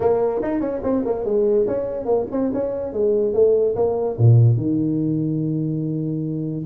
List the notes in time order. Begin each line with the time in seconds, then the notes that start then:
0.00 A#3
0.42 D#4
0.60 C#4
0.83 C4
1.05 A#3
1.24 G#3
1.67 C#4
2.05 A#3
2.31 C4
2.53 C#4
2.92 G#3
3.33 A3
3.75 A#3
4.18 A#2
4.57 D#3